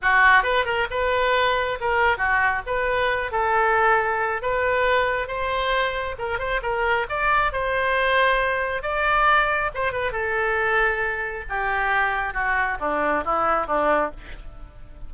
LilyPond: \new Staff \with { instrumentName = "oboe" } { \time 4/4 \tempo 4 = 136 fis'4 b'8 ais'8 b'2 | ais'4 fis'4 b'4. a'8~ | a'2 b'2 | c''2 ais'8 c''8 ais'4 |
d''4 c''2. | d''2 c''8 b'8 a'4~ | a'2 g'2 | fis'4 d'4 e'4 d'4 | }